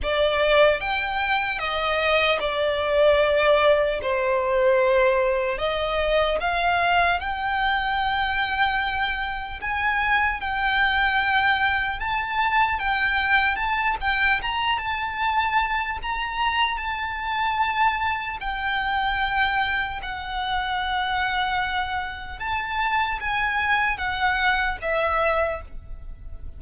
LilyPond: \new Staff \with { instrumentName = "violin" } { \time 4/4 \tempo 4 = 75 d''4 g''4 dis''4 d''4~ | d''4 c''2 dis''4 | f''4 g''2. | gis''4 g''2 a''4 |
g''4 a''8 g''8 ais''8 a''4. | ais''4 a''2 g''4~ | g''4 fis''2. | a''4 gis''4 fis''4 e''4 | }